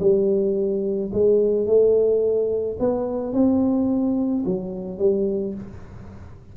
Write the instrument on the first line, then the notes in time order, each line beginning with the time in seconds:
tuba
0.00 G3
1.13 G#3
1.66 A3
2.79 B3
3.33 C4
4.46 F#3
4.98 G3